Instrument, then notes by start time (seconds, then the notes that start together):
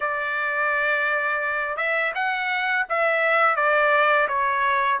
trumpet
0.00 D5
1.76 E5
2.14 F#5
2.89 E5
3.56 D5
4.28 C#5